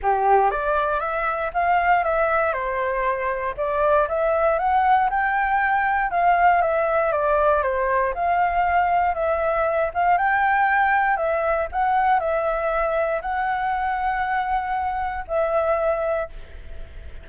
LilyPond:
\new Staff \with { instrumentName = "flute" } { \time 4/4 \tempo 4 = 118 g'4 d''4 e''4 f''4 | e''4 c''2 d''4 | e''4 fis''4 g''2 | f''4 e''4 d''4 c''4 |
f''2 e''4. f''8 | g''2 e''4 fis''4 | e''2 fis''2~ | fis''2 e''2 | }